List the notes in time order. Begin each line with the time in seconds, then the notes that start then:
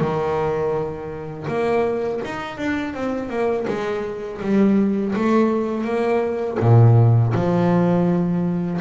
0.00 D#3
1.47 A#3
2.25 D#4
2.57 D4
2.94 C4
3.29 A#3
3.67 G#3
4.41 G3
5.16 A3
5.84 A#3
6.60 A#2
7.34 F3